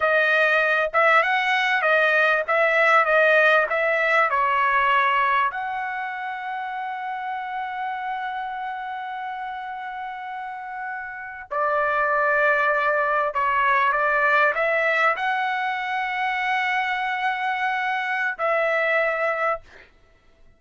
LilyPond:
\new Staff \with { instrumentName = "trumpet" } { \time 4/4 \tempo 4 = 98 dis''4. e''8 fis''4 dis''4 | e''4 dis''4 e''4 cis''4~ | cis''4 fis''2.~ | fis''1~ |
fis''2~ fis''8. d''4~ d''16~ | d''4.~ d''16 cis''4 d''4 e''16~ | e''8. fis''2.~ fis''16~ | fis''2 e''2 | }